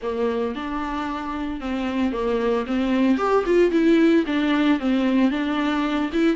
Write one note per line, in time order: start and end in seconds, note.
0.02 0.55 A#3
0.55 1.60 D4
1.60 2.12 C4
2.12 2.65 A#3
2.66 3.17 C4
3.17 3.44 G4
3.46 3.71 F4
3.71 4.24 E4
4.26 4.79 D4
4.79 5.30 C4
5.30 6.10 D4
6.13 6.36 E4